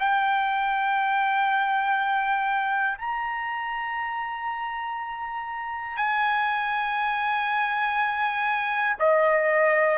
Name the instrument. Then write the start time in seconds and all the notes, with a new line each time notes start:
trumpet
0.00 G5
2.98 A#5
5.97 G#5
9.00 D#5